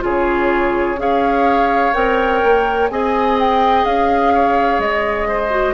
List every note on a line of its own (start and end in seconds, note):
0.00 0.97 C#3
0.00 0.95 F4
0.00 0.99 G#4
0.00 1.00 C#5
0.97 1.92 C#4
0.97 1.92 G#4
0.97 2.92 C#5
0.97 1.93 F5
1.93 2.42 C4
1.93 2.89 A#4
1.93 2.89 G5
2.43 2.90 A#3
2.89 3.85 C4
2.89 5.50 G#4
2.89 4.33 D#5
2.89 3.37 G#5
3.39 3.85 G5
3.85 4.79 C#4
3.85 4.80 F5
4.33 5.28 C#5
4.79 5.74 G#3
4.79 5.74 D#5
5.28 5.74 C5
5.50 5.74 F#4